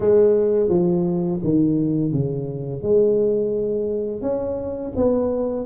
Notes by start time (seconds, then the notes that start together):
0.00 G#3
0.69 F3
1.43 D#3
2.12 C#3
2.82 G#3
4.21 C#4
4.96 B3